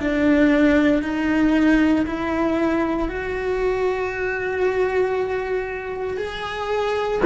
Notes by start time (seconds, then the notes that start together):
0.00 D4
1.03 D#4
2.06 E4
3.08 F#4
6.17 G#4